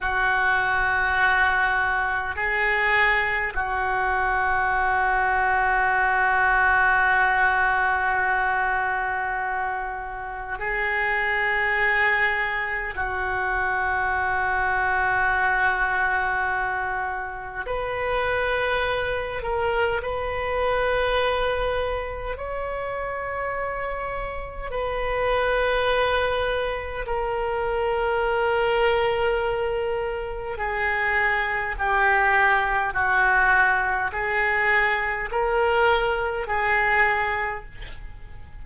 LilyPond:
\new Staff \with { instrumentName = "oboe" } { \time 4/4 \tempo 4 = 51 fis'2 gis'4 fis'4~ | fis'1~ | fis'4 gis'2 fis'4~ | fis'2. b'4~ |
b'8 ais'8 b'2 cis''4~ | cis''4 b'2 ais'4~ | ais'2 gis'4 g'4 | fis'4 gis'4 ais'4 gis'4 | }